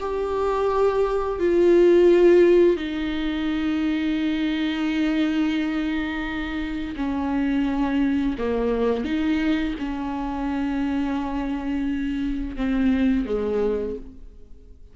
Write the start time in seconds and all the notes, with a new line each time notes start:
0.00 G4
1.39 F4
2.77 D#4
6.96 C#4
8.38 A#3
9.04 D#4
9.79 C#4
12.56 C4
13.26 G#3